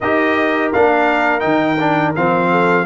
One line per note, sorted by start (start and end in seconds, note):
0.00 0.73 D#4
0.00 0.74 G4
0.00 2.49 A#4
0.00 0.72 D#5
0.72 1.43 A#3
0.72 1.40 D4
0.72 1.40 F5
1.40 2.15 D#3
1.40 1.76 D#4
1.40 2.11 G5
1.79 2.15 D4
2.15 2.85 F3
2.15 2.85 C4
2.15 2.85 F5
2.50 2.85 A4